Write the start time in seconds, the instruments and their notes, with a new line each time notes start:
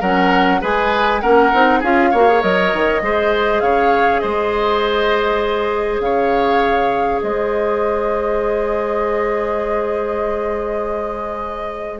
0.00 bassoon F#3, clarinet C#4, oboe A#4, flute F#5
0.61 bassoon G#3, clarinet G#4, oboe B4, flute G#5
1.21 bassoon A#3, clarinet C#4, oboe A#4, flute F#5
1.53 bassoon C4, clarinet D#4
1.80 bassoon C#4, clarinet F4, oboe G#4, flute F5
2.11 bassoon A#3, clarinet F#4, oboe C#5
2.28 clarinet G#4
2.41 bassoon F#3, clarinet A#4, flute D#5
2.73 bassoon D#3
3.01 bassoon G#3, clarinet G#4, oboe C5
3.60 bassoon C#3, oboe C#5, flute F5
4.20 bassoon G#3, oboe C5, flute D#5
6.00 bassoon C#3, oboe C#5, flute F5
7.22 bassoon G#3, oboe C5, flute D#5